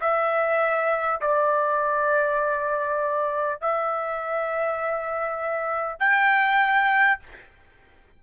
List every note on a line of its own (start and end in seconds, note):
0.00 1.20 E5
1.21 3.61 D5
3.61 5.99 E5
5.99 7.19 G5